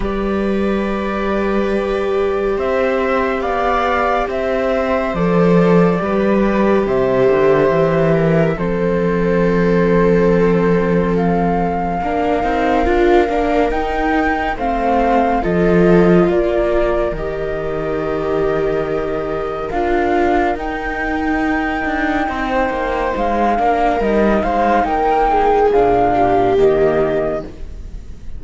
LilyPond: <<
  \new Staff \with { instrumentName = "flute" } { \time 4/4 \tempo 4 = 70 d''2. e''4 | f''4 e''4 d''2 | e''2 c''2~ | c''4 f''2. |
g''4 f''4 dis''4 d''4 | dis''2. f''4 | g''2. f''4 | dis''8 f''8 g''4 f''4 dis''4 | }
  \new Staff \with { instrumentName = "viola" } { \time 4/4 b'2. c''4 | d''4 c''2 b'4 | c''4. ais'8 a'2~ | a'2 ais'2~ |
ais'4 c''4 a'4 ais'4~ | ais'1~ | ais'2 c''4. ais'8~ | ais'8 c''8 ais'8 gis'4 g'4. | }
  \new Staff \with { instrumentName = "viola" } { \time 4/4 g'1~ | g'2 a'4 g'4~ | g'2 c'2~ | c'2 d'8 dis'8 f'8 d'8 |
dis'4 c'4 f'2 | g'2. f'4 | dis'2.~ dis'8 d'8 | dis'2 d'4 ais4 | }
  \new Staff \with { instrumentName = "cello" } { \time 4/4 g2. c'4 | b4 c'4 f4 g4 | c8 d8 e4 f2~ | f2 ais8 c'8 d'8 ais8 |
dis'4 a4 f4 ais4 | dis2. d'4 | dis'4. d'8 c'8 ais8 gis8 ais8 | g8 gis8 ais4 ais,4 dis4 | }
>>